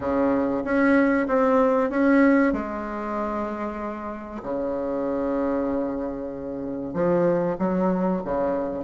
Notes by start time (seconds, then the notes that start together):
0.00 C#3
0.64 C#4
1.27 C4
1.89 C#4
2.52 G#3
4.42 C#3
6.93 F3
7.58 F#3
8.24 C#3